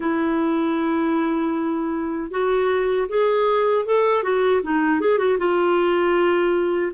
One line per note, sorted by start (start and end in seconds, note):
0.00 2.30 E4
2.30 3.07 F#4
3.08 3.85 G#4
3.85 4.23 A4
4.23 4.61 F#4
4.62 5.00 D#4
5.00 5.18 G#4
5.18 5.37 F#4
5.38 6.92 F4